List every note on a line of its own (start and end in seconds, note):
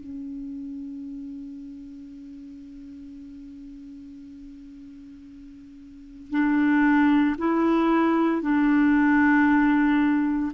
0.00 6.30 C#4
6.30 7.35 D4
7.38 8.41 E4
8.41 10.52 D4